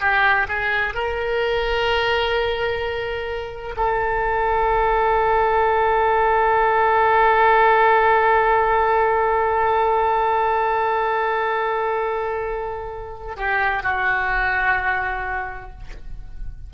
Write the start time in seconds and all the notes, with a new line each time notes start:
0.00 G4
0.48 G#4
0.94 A#4
3.76 A4
13.36 G4
13.83 F#4